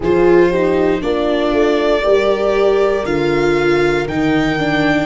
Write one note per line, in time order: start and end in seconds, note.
0.00 1.01 F3
0.00 0.53 F4
0.00 0.48 G#4
0.00 1.02 C5
0.50 1.01 D#4
0.50 1.00 G4
1.01 1.52 A#3
1.01 2.02 D4
1.01 2.03 F4
1.01 3.05 D5
1.52 2.03 A3
2.02 3.05 G3
2.02 3.04 G4
2.02 5.06 A#4
3.05 4.07 D3
3.05 4.07 F4
3.05 4.07 F5
4.07 5.06 D#3
4.07 4.58 D#4
4.07 5.06 G5
4.58 5.06 D4